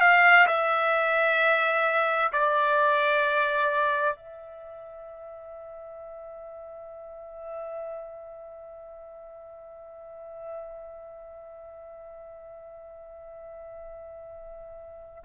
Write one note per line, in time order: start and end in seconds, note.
0.00 0.46 F5
0.47 2.31 E5
2.32 4.16 D5
4.16 15.23 E5